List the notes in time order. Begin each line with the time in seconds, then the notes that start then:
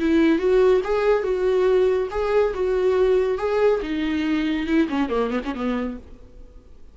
0.00 E4
0.39 F#4
0.85 G#4
1.24 F#4
2.11 G#4
2.54 F#4
3.39 G#4
3.83 D#4
4.67 E4
4.89 C#4
5.09 A#3
5.31 B3
5.45 C#4
5.55 B3